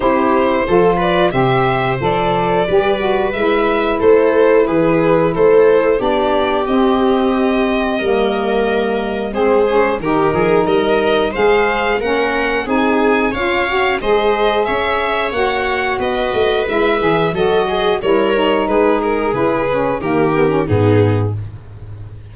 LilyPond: <<
  \new Staff \with { instrumentName = "violin" } { \time 4/4 \tempo 4 = 90 c''4. d''8 e''4 d''4~ | d''4 e''4 c''4 b'4 | c''4 d''4 dis''2~ | dis''2 c''4 ais'4 |
dis''4 f''4 fis''4 gis''4 | f''4 dis''4 e''4 fis''4 | dis''4 e''4 dis''4 cis''4 | b'8 ais'8 b'4 ais'4 gis'4 | }
  \new Staff \with { instrumentName = "viola" } { \time 4/4 g'4 a'8 b'8 c''2 | b'2 a'4 gis'4 | a'4 g'2. | ais'2 gis'4 g'8 gis'8 |
ais'4 c''4 ais'4 gis'4 | cis''4 c''4 cis''2 | b'2 a'8 gis'8 ais'4 | gis'2 g'4 dis'4 | }
  \new Staff \with { instrumentName = "saxophone" } { \time 4/4 e'4 f'4 g'4 a'4 | g'8 fis'8 e'2.~ | e'4 d'4 c'2 | ais2 c'8 cis'8 dis'4~ |
dis'4 gis'4 cis'4 dis'4 | f'8 fis'8 gis'2 fis'4~ | fis'4 e'8 gis'8 fis'4 e'8 dis'8~ | dis'4 e'8 cis'8 ais8 b16 cis'16 b4 | }
  \new Staff \with { instrumentName = "tuba" } { \time 4/4 c'4 f4 c4 f4 | g4 gis4 a4 e4 | a4 b4 c'2 | g2 gis4 dis8 f8 |
g4 gis4 ais4 c'4 | cis'4 gis4 cis'4 ais4 | b8 a8 gis8 e8 fis4 g4 | gis4 cis4 dis4 gis,4 | }
>>